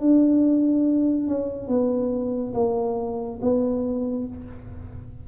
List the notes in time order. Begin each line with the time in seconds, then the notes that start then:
0.00 D4
1.27 C#4
1.68 B3
2.54 A#3
3.41 B3